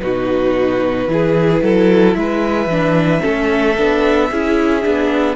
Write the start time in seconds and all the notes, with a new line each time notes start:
0.00 B2 D#4 F#4 B4
1.07 E3 E4 G#4
1.62 F#3 A4
2.14 G#3 B4 E5
2.66 E3 D4
3.20 A3 C#4 A4
3.77 B3 D4
4.30 C#4 E4 G#4
4.82 B3 D4